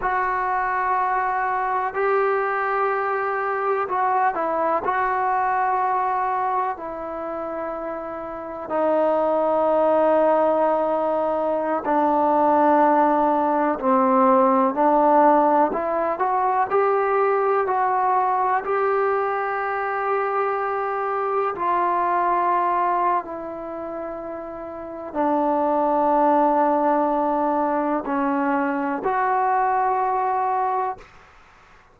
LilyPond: \new Staff \with { instrumentName = "trombone" } { \time 4/4 \tempo 4 = 62 fis'2 g'2 | fis'8 e'8 fis'2 e'4~ | e'4 dis'2.~ | dis'16 d'2 c'4 d'8.~ |
d'16 e'8 fis'8 g'4 fis'4 g'8.~ | g'2~ g'16 f'4.~ f'16 | e'2 d'2~ | d'4 cis'4 fis'2 | }